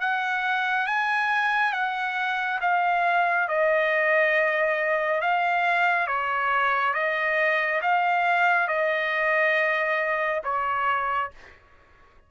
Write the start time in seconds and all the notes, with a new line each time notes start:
0.00 F#5
0.87 G#5
1.73 F#5
2.61 F5
3.48 D#5
5.21 F5
6.07 C#5
6.94 D#5
7.82 F5
8.68 D#5
10.44 C#5